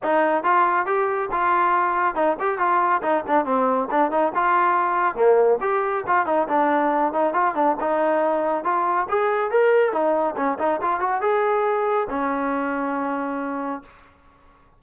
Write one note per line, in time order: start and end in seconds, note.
0.03 0.43 D#4
0.43 0.86 F4
0.86 1.29 G4
1.31 2.15 F4
2.15 2.36 D#4
2.39 2.58 G4
2.58 3.01 F4
3.02 3.24 D#4
3.27 3.45 D4
3.45 3.88 C4
3.90 4.11 D4
4.11 4.32 D#4
4.34 5.15 F4
5.15 5.58 A#3
5.60 6.03 G4
6.06 6.26 F4
6.26 6.47 D#4
6.48 7.12 D4
7.12 7.33 D#4
7.33 7.54 F4
7.54 7.76 D4
7.80 8.64 D#4
8.64 9.07 F4
9.09 9.50 G#4
9.50 9.92 A#4
9.92 10.35 D#4
10.36 10.58 C#4
10.58 10.80 D#4
10.81 11.00 F4
11.00 11.21 F#4
11.21 12.07 G#4
12.09 13.82 C#4